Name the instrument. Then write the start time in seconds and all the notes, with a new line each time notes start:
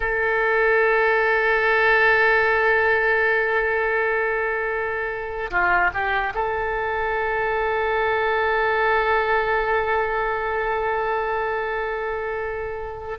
oboe
0.00 A4
5.50 F4
5.93 G4
6.34 A4